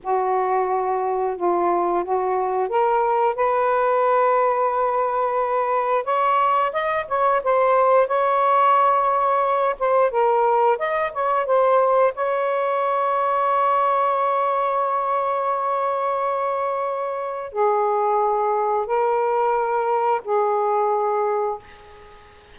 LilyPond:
\new Staff \with { instrumentName = "saxophone" } { \time 4/4 \tempo 4 = 89 fis'2 f'4 fis'4 | ais'4 b'2.~ | b'4 cis''4 dis''8 cis''8 c''4 | cis''2~ cis''8 c''8 ais'4 |
dis''8 cis''8 c''4 cis''2~ | cis''1~ | cis''2 gis'2 | ais'2 gis'2 | }